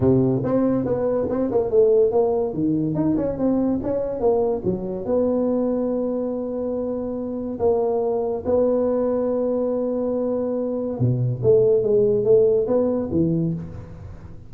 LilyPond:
\new Staff \with { instrumentName = "tuba" } { \time 4/4 \tempo 4 = 142 c4 c'4 b4 c'8 ais8 | a4 ais4 dis4 dis'8 cis'8 | c'4 cis'4 ais4 fis4 | b1~ |
b2 ais2 | b1~ | b2 b,4 a4 | gis4 a4 b4 e4 | }